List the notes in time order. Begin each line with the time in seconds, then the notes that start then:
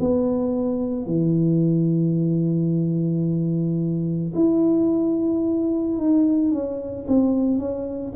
0.00 B3
1.06 E3
4.35 E4
5.98 D#4
6.52 C#4
7.08 C4
7.59 C#4